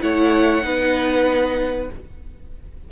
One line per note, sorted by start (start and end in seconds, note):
0.00 0.64 A3
0.00 0.62 E4
0.00 0.65 C#5
0.00 1.90 F#5
0.62 1.90 B3
0.62 1.88 D#4
0.62 1.91 B4